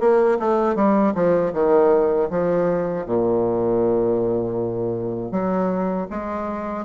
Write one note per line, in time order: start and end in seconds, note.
0.00 0.38 A#3
0.39 0.75 A3
0.75 1.13 G3
1.15 1.53 F3
1.53 2.29 D#3
2.30 3.06 F3
3.06 5.31 A#2
5.31 6.07 F#3
6.10 6.85 G#3